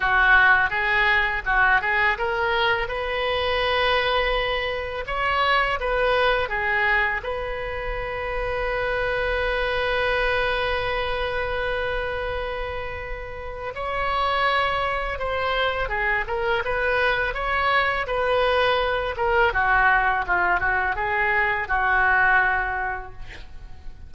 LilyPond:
\new Staff \with { instrumentName = "oboe" } { \time 4/4 \tempo 4 = 83 fis'4 gis'4 fis'8 gis'8 ais'4 | b'2. cis''4 | b'4 gis'4 b'2~ | b'1~ |
b'2. cis''4~ | cis''4 c''4 gis'8 ais'8 b'4 | cis''4 b'4. ais'8 fis'4 | f'8 fis'8 gis'4 fis'2 | }